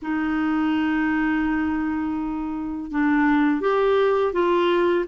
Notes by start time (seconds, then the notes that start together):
0.02 D#4
2.91 D4
3.60 G4
4.32 F4